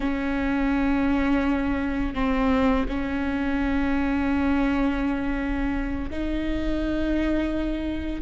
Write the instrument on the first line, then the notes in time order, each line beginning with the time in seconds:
viola
0.00 C#4
2.14 C4
2.88 C#4
6.10 D#4